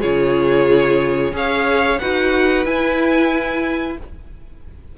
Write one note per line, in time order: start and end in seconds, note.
0.00 1.32 C#3
0.00 1.31 F4
0.00 1.32 G#4
0.00 1.33 C#5
1.31 1.98 C#4
1.31 1.97 G#4
1.31 2.00 C#5
1.31 1.98 F5
1.98 2.65 D#4
1.98 2.65 F#4
1.98 3.98 B4
1.98 2.64 F#5
2.65 3.97 E4
2.65 3.97 G#5